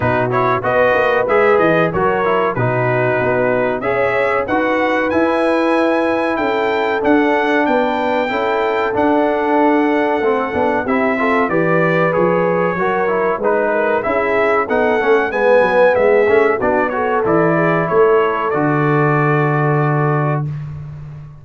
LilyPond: <<
  \new Staff \with { instrumentName = "trumpet" } { \time 4/4 \tempo 4 = 94 b'8 cis''8 dis''4 e''8 dis''8 cis''4 | b'2 e''4 fis''4 | gis''2 g''4 fis''4 | g''2 fis''2~ |
fis''4 e''4 d''4 cis''4~ | cis''4 b'4 e''4 fis''4 | gis''4 e''4 d''8 cis''8 d''4 | cis''4 d''2. | }
  \new Staff \with { instrumentName = "horn" } { \time 4/4 fis'4 b'2 ais'4 | fis'2 cis''4 b'4~ | b'2 a'2 | b'4 a'2.~ |
a'4 g'8 a'8 b'2 | ais'4 b'8 ais'8 gis'4 a'4 | b'4 gis'4 fis'8 a'4 gis'8 | a'1 | }
  \new Staff \with { instrumentName = "trombone" } { \time 4/4 dis'8 e'8 fis'4 gis'4 fis'8 e'8 | dis'2 gis'4 fis'4 | e'2. d'4~ | d'4 e'4 d'2 |
c'8 d'8 e'8 f'8 g'4 gis'4 | fis'8 e'8 dis'4 e'4 dis'8 cis'8 | b4. cis'8 d'8 fis'8 e'4~ | e'4 fis'2. | }
  \new Staff \with { instrumentName = "tuba" } { \time 4/4 b,4 b8 ais8 gis8 e8 fis4 | b,4 b4 cis'4 dis'4 | e'2 cis'4 d'4 | b4 cis'4 d'2 |
a8 b8 c'4 e4 f4 | fis4 gis4 cis'4 b8 a8 | gis8 fis8 gis8 a8 b4 e4 | a4 d2. | }
>>